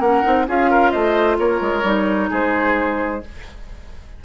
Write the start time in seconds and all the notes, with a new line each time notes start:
0.00 A#3 C#4 A#4 F#5
0.23 C4 D#4
0.48 C#4 F4 G#4 F5
0.71 A#4
0.91 A3 C5 D#5
1.39 A#3 A#4 C#5
1.61 G#3
1.83 G3 D#4
2.30 G#3 G#4 C5